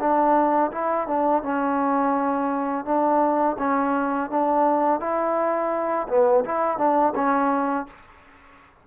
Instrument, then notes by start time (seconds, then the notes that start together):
trombone
0.00 D4
0.72 E4
1.08 D4
1.43 C#4
2.85 D4
3.59 C#4
4.30 D4
5.00 E4
6.08 B3
6.45 E4
6.78 D4
7.16 C#4